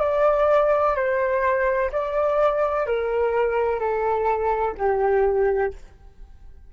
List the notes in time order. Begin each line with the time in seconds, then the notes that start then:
0.00 D5
0.96 C5
1.91 D5
2.86 A#4
3.79 A4
4.77 G4